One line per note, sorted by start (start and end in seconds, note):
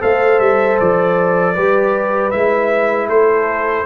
0.00 0.39 A3
0.00 1.54 A4
0.00 1.54 C5
0.00 0.39 F5
0.39 0.78 G3
0.39 0.77 E5
0.79 1.56 F3
0.79 2.30 D5
1.54 2.33 G3
1.54 2.31 G4
1.54 3.08 B4
2.30 3.07 G#3
2.30 3.85 E4
2.30 3.07 E5
3.07 3.84 A3
3.07 3.85 A4
3.07 3.85 C5